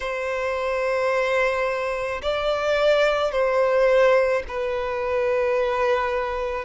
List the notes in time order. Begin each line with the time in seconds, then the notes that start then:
0.00 C5
2.22 D5
3.31 C5
4.47 B4